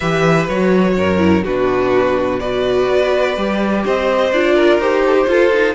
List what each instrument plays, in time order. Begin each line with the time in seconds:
0.00 cello E3, viola G4, violin B4 E5
0.48 cello F#3, viola F#4, violin C#5
0.96 cello F#2, violin A#4
1.18 viola E4
1.44 cello B2, viola D4, violin F#4 B4
2.39 viola F#4, violin B4 D5
2.88 cello B3
3.36 cello G3, viola G4
3.84 cello C4, violin C5 D#5
4.32 cello D4, viola F4, violin D5
4.54 violin A#4
4.79 cello D#4, viola G4, violin C5
5.06 violin A4
5.14 violin G4
5.27 cello F4, viola F4, violin A4
5.52 viola D#4